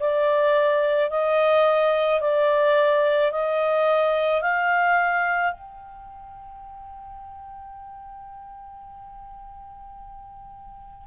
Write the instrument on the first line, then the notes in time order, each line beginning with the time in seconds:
clarinet
0.00 D5
1.11 D#5
2.21 D5
3.32 D#5
4.42 F5
5.53 G5